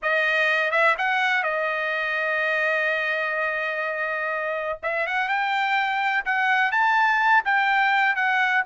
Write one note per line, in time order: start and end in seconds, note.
0.02 0.71 D#5
0.71 0.95 E5
0.98 1.43 F#5
1.43 4.79 D#5
4.82 5.06 E5
5.06 5.28 F#5
5.28 6.24 G5
6.25 6.71 F#5
6.71 7.43 A5
7.44 8.15 G5
8.15 8.63 F#5